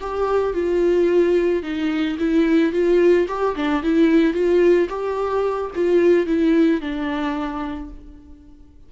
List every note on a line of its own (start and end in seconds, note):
0.00 0.53 G4
0.53 1.62 F4
1.62 2.17 D#4
2.18 2.72 E4
2.72 3.27 F4
3.28 3.55 G4
3.55 3.82 D4
3.82 4.33 E4
4.33 4.88 F4
4.89 5.70 G4
5.75 6.26 F4
6.26 6.80 E4
6.80 7.89 D4